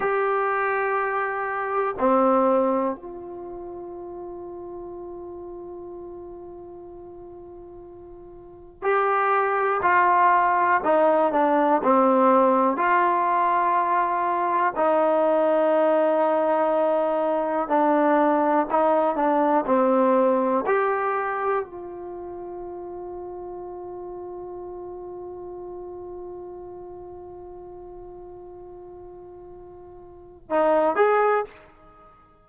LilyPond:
\new Staff \with { instrumentName = "trombone" } { \time 4/4 \tempo 4 = 61 g'2 c'4 f'4~ | f'1~ | f'4 g'4 f'4 dis'8 d'8 | c'4 f'2 dis'4~ |
dis'2 d'4 dis'8 d'8 | c'4 g'4 f'2~ | f'1~ | f'2. dis'8 gis'8 | }